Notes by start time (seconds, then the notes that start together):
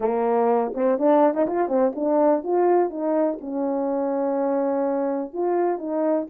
0.00 A#3
0.74 C4
0.98 D4
1.34 D#4
1.46 F4
1.68 C4
1.95 D4
2.43 F4
2.89 D#4
3.40 C#4
5.33 F4
5.78 D#4